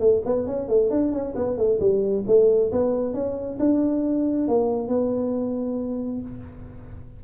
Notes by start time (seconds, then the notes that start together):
0.00 A3
0.26 B3
0.47 C#4
0.69 A3
0.91 D4
1.13 C#4
1.36 B3
1.58 A3
1.80 G3
2.27 A3
2.72 B3
3.14 C#4
3.60 D4
4.48 A#3
4.88 B3